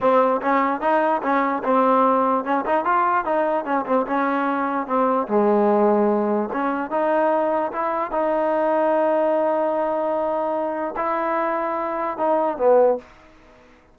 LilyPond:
\new Staff \with { instrumentName = "trombone" } { \time 4/4 \tempo 4 = 148 c'4 cis'4 dis'4 cis'4 | c'2 cis'8 dis'8 f'4 | dis'4 cis'8 c'8 cis'2 | c'4 gis2. |
cis'4 dis'2 e'4 | dis'1~ | dis'2. e'4~ | e'2 dis'4 b4 | }